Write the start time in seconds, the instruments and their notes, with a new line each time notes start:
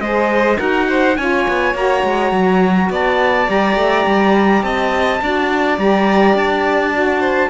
0.00 cello G#3, saxophone G#4, violin C5, trumpet D#5
0.57 cello D#4, saxophone F#4, violin A#4, trumpet F#5
0.89 violin C5
1.16 cello C#4, saxophone F4, violin C#5, trumpet G#5
1.48 cello B3
1.74 cello A#3, saxophone F#4, trumpet A#5
2.04 cello G#3
2.32 cello F#3
2.90 cello B3, violin D5, trumpet A5
3.47 cello G3, saxophone G4, trumpet A#5
3.76 cello A3
4.06 cello G3
4.63 cello C4, violin D#5, trumpet A5
5.22 cello D4, saxophone F#4, violin D5
5.78 cello G3, saxophone G4, trumpet A#5
6.34 cello D4, trumpet A5
6.93 saxophone F#4
7.20 violin C5